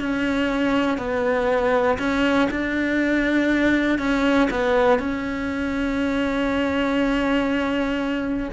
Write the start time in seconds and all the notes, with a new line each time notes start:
0.00 C#4
0.97 B3
1.99 C#4
2.50 D4
3.99 C#4
4.50 B3
4.99 C#4